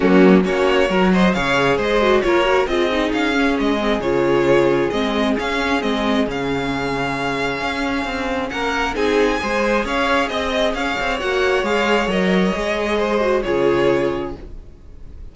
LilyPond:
<<
  \new Staff \with { instrumentName = "violin" } { \time 4/4 \tempo 4 = 134 fis'4 cis''4. dis''8 f''4 | dis''4 cis''4 dis''4 f''4 | dis''4 cis''2 dis''4 | f''4 dis''4 f''2~ |
f''2. fis''4 | gis''2 f''4 dis''4 | f''4 fis''4 f''4 dis''4~ | dis''2 cis''2 | }
  \new Staff \with { instrumentName = "violin" } { \time 4/4 cis'4 fis'4 ais'8 c''8 cis''4 | c''4 ais'4 gis'2~ | gis'1~ | gis'1~ |
gis'2. ais'4 | gis'4 c''4 cis''4 dis''4 | cis''1~ | cis''4 c''4 gis'2 | }
  \new Staff \with { instrumentName = "viola" } { \time 4/4 ais4 cis'4 fis'4 gis'4~ | gis'8 fis'8 f'8 fis'8 f'8 dis'4 cis'8~ | cis'8 c'8 f'2 c'4 | cis'4 c'4 cis'2~ |
cis'1 | dis'4 gis'2.~ | gis'4 fis'4 gis'4 ais'4 | gis'4. fis'8 f'2 | }
  \new Staff \with { instrumentName = "cello" } { \time 4/4 fis4 ais4 fis4 cis4 | gis4 ais4 c'4 cis'4 | gis4 cis2 gis4 | cis'4 gis4 cis2~ |
cis4 cis'4 c'4 ais4 | c'4 gis4 cis'4 c'4 | cis'8 c'8 ais4 gis4 fis4 | gis2 cis2 | }
>>